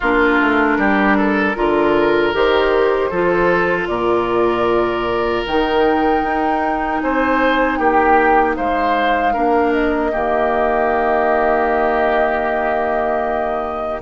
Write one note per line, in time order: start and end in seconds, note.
0.00 0.40 A#3
0.00 1.55 D4
0.00 0.77 F4
0.00 2.35 A#4
0.41 0.77 A3
0.77 1.55 G3
0.77 1.17 G4
1.17 1.56 A4
1.55 2.33 D3
1.55 2.33 F4
1.55 3.09 A#4
2.33 3.10 D#3
2.33 3.11 G4
2.33 3.87 C5
3.09 3.87 F3
3.09 5.46 F4
3.09 3.87 A4
3.87 5.43 A#2
3.87 7.02 A#4
3.87 5.43 D5
5.45 6.23 D#3
5.45 9.33 D#4
5.45 7.00 G5
6.23 7.01 D#4
7.00 7.79 C4
7.00 7.78 C5
7.00 7.77 G#5
7.77 8.56 A#3
7.77 8.56 G4
7.77 8.55 G5
8.56 9.35 G#3
8.56 9.33 C5
8.56 9.72 F5
9.33 10.13 A#3
9.33 10.11 D4
9.33 10.11 A#4
9.72 14.01 D#5
10.11 14.01 D#3
10.11 14.01 A#3
10.11 14.01 G4